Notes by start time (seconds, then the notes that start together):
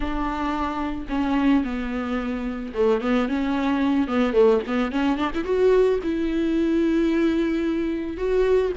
0.00 D4
1.09 C#4
1.64 B3
2.74 A3
3.01 B3
3.28 C#4
4.07 B3
4.33 A3
4.66 B3
4.91 C#4
5.17 D4
5.34 E4
5.44 F#4
6.03 E4
8.17 F#4